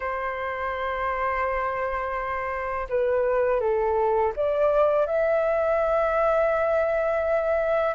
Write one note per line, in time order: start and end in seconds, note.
0.00 2.87 C5
2.89 3.60 B4
3.60 4.32 A4
4.35 5.06 D5
5.06 7.95 E5